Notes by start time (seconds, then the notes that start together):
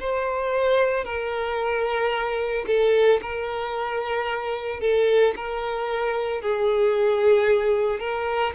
0.00 C5
1.04 A#4
2.66 A4
3.21 A#4
4.80 A4
5.36 A#4
6.41 G#4
8.00 A#4